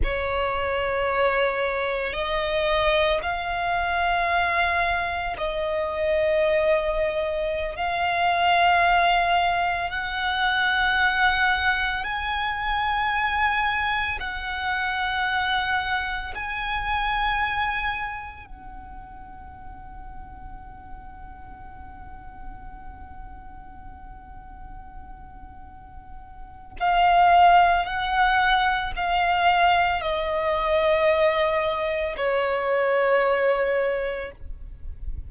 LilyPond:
\new Staff \with { instrumentName = "violin" } { \time 4/4 \tempo 4 = 56 cis''2 dis''4 f''4~ | f''4 dis''2~ dis''16 f''8.~ | f''4~ f''16 fis''2 gis''8.~ | gis''4~ gis''16 fis''2 gis''8.~ |
gis''4~ gis''16 fis''2~ fis''8.~ | fis''1~ | fis''4 f''4 fis''4 f''4 | dis''2 cis''2 | }